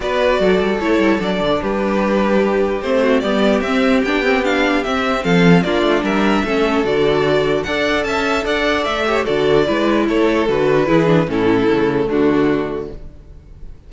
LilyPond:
<<
  \new Staff \with { instrumentName = "violin" } { \time 4/4 \tempo 4 = 149 d''2 cis''4 d''4 | b'2. c''4 | d''4 e''4 g''4 f''4 | e''4 f''4 d''4 e''4~ |
e''4 d''2 fis''4 | a''4 fis''4 e''4 d''4~ | d''4 cis''4 b'2 | a'2 fis'2 | }
  \new Staff \with { instrumentName = "violin" } { \time 4/4 b'4 a'2. | g'2.~ g'8 fis'8 | g'1~ | g'4 a'4 f'4 ais'4 |
a'2. d''4 | e''4 d''4. cis''8 a'4 | b'4 a'2 gis'4 | e'2 d'2 | }
  \new Staff \with { instrumentName = "viola" } { \time 4/4 fis'2 e'4 d'4~ | d'2. c'4 | b4 c'4 d'8 c'8 d'4 | c'2 d'2 |
cis'4 fis'2 a'4~ | a'2~ a'8 g'8 fis'4 | e'2 fis'4 e'8 d'8 | cis'4 a2. | }
  \new Staff \with { instrumentName = "cello" } { \time 4/4 b4 fis8 g8 a8 g8 fis8 d8 | g2. a4 | g4 c'4 b2 | c'4 f4 ais8 a8 g4 |
a4 d2 d'4 | cis'4 d'4 a4 d4 | gis4 a4 d4 e4 | a,4 cis4 d2 | }
>>